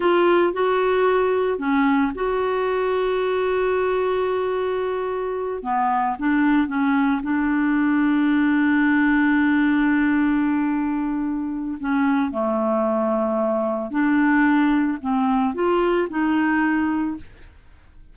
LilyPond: \new Staff \with { instrumentName = "clarinet" } { \time 4/4 \tempo 4 = 112 f'4 fis'2 cis'4 | fis'1~ | fis'2~ fis'8 b4 d'8~ | d'8 cis'4 d'2~ d'8~ |
d'1~ | d'2 cis'4 a4~ | a2 d'2 | c'4 f'4 dis'2 | }